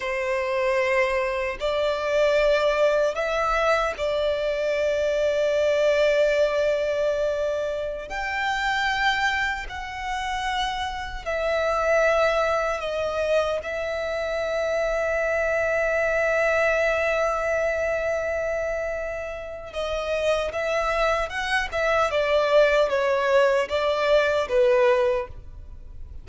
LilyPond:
\new Staff \with { instrumentName = "violin" } { \time 4/4 \tempo 4 = 76 c''2 d''2 | e''4 d''2.~ | d''2~ d''16 g''4.~ g''16~ | g''16 fis''2 e''4.~ e''16~ |
e''16 dis''4 e''2~ e''8.~ | e''1~ | e''4 dis''4 e''4 fis''8 e''8 | d''4 cis''4 d''4 b'4 | }